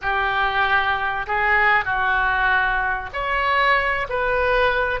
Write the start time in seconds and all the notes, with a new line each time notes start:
0.01 G4
1.27 G#4
1.84 F#4
3.13 C#5
4.09 B4